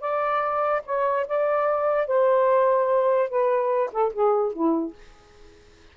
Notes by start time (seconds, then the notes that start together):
0.00 D5
0.85 C#5
1.27 D5
2.07 C5
3.29 B4
3.92 A4
4.12 G#4
4.52 E4